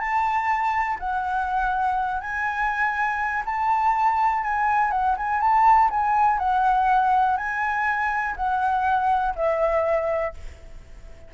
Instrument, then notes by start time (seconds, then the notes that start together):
flute
0.00 A5
1.00 F#5
2.20 G#5
3.46 A5
4.43 G#5
4.91 F#5
5.17 G#5
5.41 A5
5.90 G#5
6.39 F#5
7.37 G#5
8.36 F#5
9.36 E5